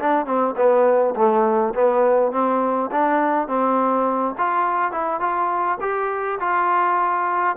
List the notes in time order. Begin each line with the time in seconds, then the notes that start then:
0.00 D4
0.26 C4
0.57 B3
1.15 A3
1.74 B3
2.32 C4
2.92 D4
3.48 C4
4.38 F4
4.92 E4
5.20 F4
5.81 G4
6.40 F4